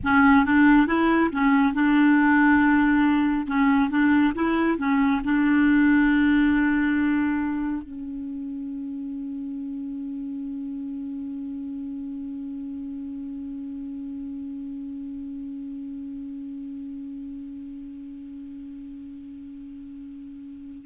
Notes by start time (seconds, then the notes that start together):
0.03 C#4
0.45 D4
0.87 E4
1.32 C#4
1.73 D4
3.47 C#4
3.89 D4
4.34 E4
4.78 C#4
5.24 D4
7.82 C#4